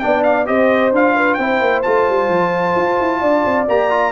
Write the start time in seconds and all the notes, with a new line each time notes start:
0.00 B3 D4 D5 G5
0.24 F5
0.46 C4 G4 C5 D#5
0.92 D4 F4 F5
1.15 B4
1.34 C4 E4 C5 G5
1.61 A#3
1.83 A3 F4 A5
2.09 G3
2.29 F3
2.76 F4
3.00 E4
3.21 D4 D5
3.45 C4
3.69 A#3 G4 A#5
3.90 F4